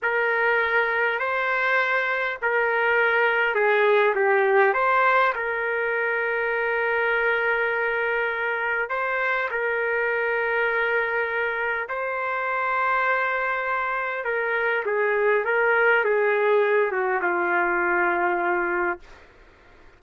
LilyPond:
\new Staff \with { instrumentName = "trumpet" } { \time 4/4 \tempo 4 = 101 ais'2 c''2 | ais'2 gis'4 g'4 | c''4 ais'2.~ | ais'2. c''4 |
ais'1 | c''1 | ais'4 gis'4 ais'4 gis'4~ | gis'8 fis'8 f'2. | }